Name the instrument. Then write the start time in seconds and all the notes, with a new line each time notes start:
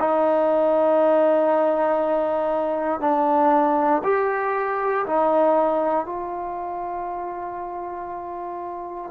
trombone
0.00 D#4
3.01 D4
4.04 G4
5.07 D#4
6.06 F4